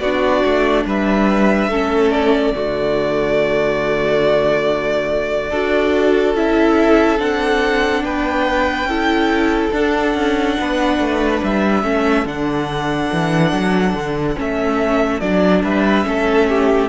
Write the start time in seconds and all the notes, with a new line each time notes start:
0.00 B3 D4 F#4 D5
0.46 A3
0.85 G3 B4 E5
1.68 A3 C#4 A4
2.11 D5
2.55 D3 A3 F#4
5.50 D4 F#4 A4
6.35 C#4 E4 E5
7.19 C4 D4 F#5
8.04 B3 B4 G5
8.84 C#4 E4 A4
9.72 D4 F#5
10.14 C#4
10.60 B3 B4
10.99 A3
11.43 G3 E5
11.83 A3 C#4 A4
12.26 D3 D4 F#5
13.12 E3
13.53 F#3
13.94 D3
14.36 A3 C#4 E5
15.21 F#3 D4 D5
15.64 G3 B4 E5
16.04 A3 C#4 A4
16.49 G4